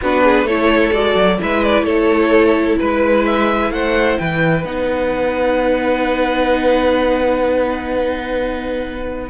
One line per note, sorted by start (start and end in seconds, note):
0.01 0.43 B3
0.01 0.49 D4
0.01 0.23 F#4
0.01 0.47 B4
0.23 0.45 G#4
0.43 0.90 A3
0.43 0.93 E4
0.43 1.38 A4
0.43 0.92 C#5
0.92 1.15 G#3
0.92 1.39 F#4
0.92 1.39 D5
1.15 1.38 F#3
1.39 1.82 G#3
1.39 4.64 E4
1.39 1.85 B4
1.39 1.63 E5
1.63 1.84 D5
1.82 2.75 A3
1.82 2.78 A4
1.82 2.77 C#5
2.78 3.70 G#3
2.78 3.71 B4
2.78 3.25 B4
3.25 3.71 E5
3.70 4.17 A3
3.70 4.20 C5
3.70 4.18 F#5
4.18 4.64 E3
4.18 9.29 B4
4.18 4.64 G5
4.64 9.29 B3
4.64 9.29 D#4
4.64 9.29 F#5